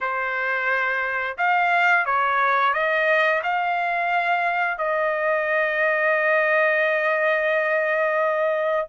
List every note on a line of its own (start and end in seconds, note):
0.00 1.37 C5
1.37 2.05 F5
2.05 2.73 C#5
2.73 3.42 D#5
3.43 4.78 F5
4.78 8.87 D#5